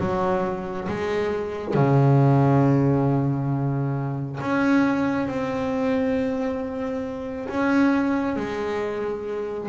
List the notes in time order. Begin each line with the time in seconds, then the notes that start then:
0.00 F#3
0.89 G#3
1.74 C#3
4.41 C#4
5.28 C4
7.49 C#4
8.37 G#3